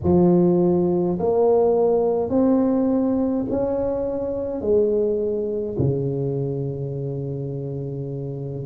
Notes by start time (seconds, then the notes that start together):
0.03 F3
1.19 A#3
2.29 C4
3.50 C#4
4.61 G#3
5.78 C#3